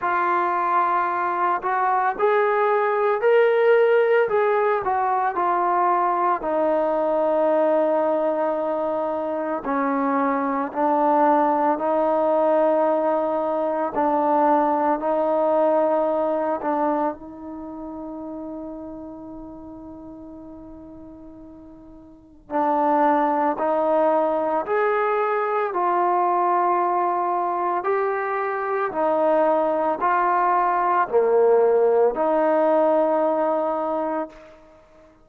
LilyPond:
\new Staff \with { instrumentName = "trombone" } { \time 4/4 \tempo 4 = 56 f'4. fis'8 gis'4 ais'4 | gis'8 fis'8 f'4 dis'2~ | dis'4 cis'4 d'4 dis'4~ | dis'4 d'4 dis'4. d'8 |
dis'1~ | dis'4 d'4 dis'4 gis'4 | f'2 g'4 dis'4 | f'4 ais4 dis'2 | }